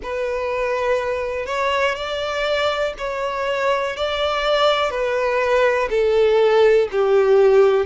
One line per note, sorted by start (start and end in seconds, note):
0.02 1.46 B4
1.46 1.95 C#5
1.95 2.93 D5
2.98 3.96 C#5
3.96 4.90 D5
4.90 5.88 B4
5.90 6.88 A4
6.91 7.85 G4